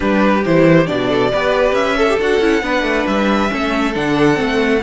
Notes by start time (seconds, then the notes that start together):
0.00 G3 D4 G4 B4
0.44 E3 E4 C5
0.86 B2 D4 D5
1.08 A4
1.32 B3 G4 B4
1.72 C#4 E5
1.96 A4
2.08 G4
2.19 D4 F#4 F#5
2.40 C#4 E4
2.62 B3 D4 B4
2.82 A3
3.07 G3 E5
3.49 A3 C#4 A4
3.94 D3 D4 F#5
4.34 A3 C4